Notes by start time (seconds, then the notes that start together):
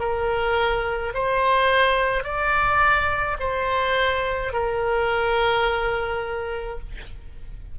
0.00 A#4
1.14 C5
2.24 D5
3.40 C5
4.53 A#4